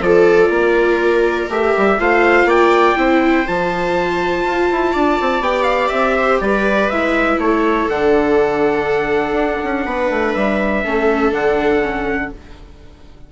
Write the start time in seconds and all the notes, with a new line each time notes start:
0.00 F3 F4 A4 D5
0.50 A#3 A#4
1.49 A3 G4 E5
1.78 G3
1.99 A3 F4 C5 F5
2.45 A#3 D5 G5
2.96 C4 E4 C5
3.47 F3 F4 A5
4.44 F4
4.72 E4
4.92 D4 D5
5.21 C4
5.40 B3 G4 G5
5.63 F5
5.89 C4 E5
6.16 C5
6.41 G3 B4 D5
6.89 G#3 E4 E5
7.38 A3 A4 C#5
7.89 D3 D4 F#5
9.32 D4
9.63 C#4
9.86 B3 B4
10.10 A3
10.34 G3 E5
10.84 A3 C#4 A4
11.32 D3 D4 F#5
11.83 C#4